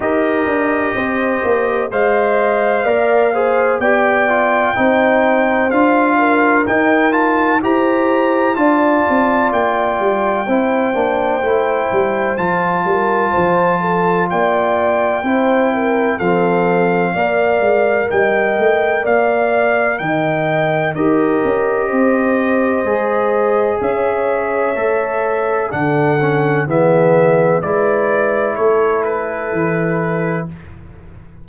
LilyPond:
<<
  \new Staff \with { instrumentName = "trumpet" } { \time 4/4 \tempo 4 = 63 dis''2 f''2 | g''2 f''4 g''8 a''8 | ais''4 a''4 g''2~ | g''4 a''2 g''4~ |
g''4 f''2 g''4 | f''4 g''4 dis''2~ | dis''4 e''2 fis''4 | e''4 d''4 cis''8 b'4. | }
  \new Staff \with { instrumentName = "horn" } { \time 4/4 ais'4 c''4 dis''4 d''8 c''8 | d''4 c''4. ais'4. | c''4 d''2 c''4~ | c''4. ais'8 c''8 a'8 d''4 |
c''8 ais'8 a'4 d''4 dis''4 | d''4 dis''4 ais'4 c''4~ | c''4 cis''2 a'4 | gis'4 b'4 a'2 | }
  \new Staff \with { instrumentName = "trombone" } { \time 4/4 g'2 c''4 ais'8 gis'8 | g'8 f'8 dis'4 f'4 dis'8 f'8 | g'4 f'2 e'8 d'8 | e'4 f'2. |
e'4 c'4 ais'2~ | ais'2 g'2 | gis'2 a'4 d'8 cis'8 | b4 e'2. | }
  \new Staff \with { instrumentName = "tuba" } { \time 4/4 dis'8 d'8 c'8 ais8 gis4 ais4 | b4 c'4 d'4 dis'4 | e'4 d'8 c'8 ais8 g8 c'8 ais8 | a8 g8 f8 g8 f4 ais4 |
c'4 f4 ais8 gis8 g8 a8 | ais4 dis4 dis'8 cis'8 c'4 | gis4 cis'4 a4 d4 | e4 gis4 a4 e4 | }
>>